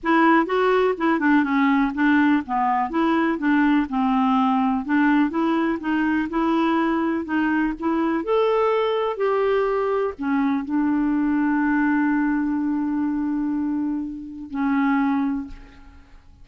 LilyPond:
\new Staff \with { instrumentName = "clarinet" } { \time 4/4 \tempo 4 = 124 e'4 fis'4 e'8 d'8 cis'4 | d'4 b4 e'4 d'4 | c'2 d'4 e'4 | dis'4 e'2 dis'4 |
e'4 a'2 g'4~ | g'4 cis'4 d'2~ | d'1~ | d'2 cis'2 | }